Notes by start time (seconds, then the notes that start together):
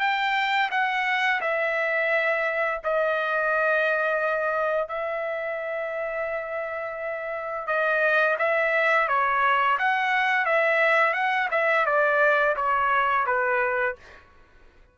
0.00 G5
0.71 F#5
1.41 E5
2.84 D#5
4.88 E5
7.67 D#5
8.39 E5
9.08 C#5
9.79 F#5
10.45 E5
11.13 F#5
11.51 E5
11.86 D5
12.56 C#5
13.26 B4